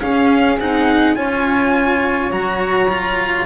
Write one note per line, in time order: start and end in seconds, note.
0.00 0.58 C#4
0.00 0.59 C#4
0.00 1.16 G#4
0.00 0.58 F5
0.59 1.16 C4
0.59 1.15 D#4
0.59 1.16 F#5
1.15 2.31 C#4
1.15 2.31 F4
1.15 3.46 C#5
1.15 2.31 G#5
2.31 3.46 F#3
2.31 2.88 F#4
2.31 3.46 A#5
2.89 3.46 F4